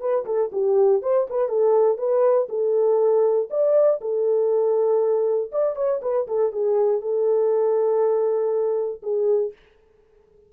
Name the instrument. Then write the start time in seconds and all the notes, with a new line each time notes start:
horn
0.00 B4
0.25 A4
0.52 G4
1.02 C5
1.30 B4
1.49 A4
1.98 B4
2.49 A4
3.50 D5
4.01 A4
5.52 D5
5.76 C#5
6.02 B4
6.27 A4
6.52 G#4
7.01 A4
9.03 G#4